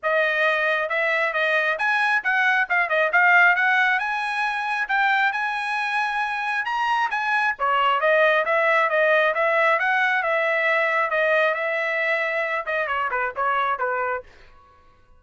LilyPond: \new Staff \with { instrumentName = "trumpet" } { \time 4/4 \tempo 4 = 135 dis''2 e''4 dis''4 | gis''4 fis''4 f''8 dis''8 f''4 | fis''4 gis''2 g''4 | gis''2. ais''4 |
gis''4 cis''4 dis''4 e''4 | dis''4 e''4 fis''4 e''4~ | e''4 dis''4 e''2~ | e''8 dis''8 cis''8 b'8 cis''4 b'4 | }